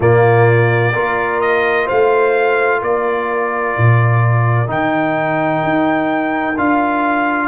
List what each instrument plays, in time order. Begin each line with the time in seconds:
0.00 tuba A#2, trombone A#3, horn F4, trumpet D5
0.93 tuba A#3, trombone F4, horn A#4
1.40 trumpet D#5
1.86 tuba A3, horn C5, trumpet F5
2.79 tuba A#3, horn A#4, trumpet D5
3.77 tuba A#2
4.66 tuba D#3, trombone D#4, trumpet G5
5.63 tuba D#4
6.56 tuba D4, trombone F4, trumpet F5